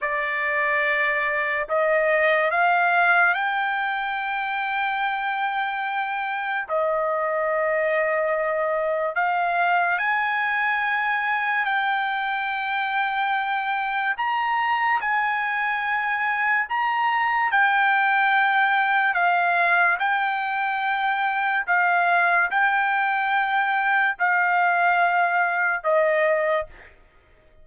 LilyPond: \new Staff \with { instrumentName = "trumpet" } { \time 4/4 \tempo 4 = 72 d''2 dis''4 f''4 | g''1 | dis''2. f''4 | gis''2 g''2~ |
g''4 ais''4 gis''2 | ais''4 g''2 f''4 | g''2 f''4 g''4~ | g''4 f''2 dis''4 | }